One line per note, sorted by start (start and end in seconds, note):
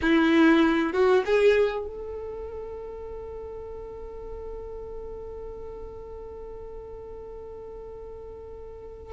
0.01 0.93 E4
0.93 1.23 F#4
1.25 1.86 G#4
1.86 9.13 A4